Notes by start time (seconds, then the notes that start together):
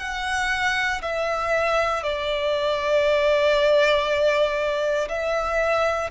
0.00 F#5
1.02 E5
2.03 D5
5.09 E5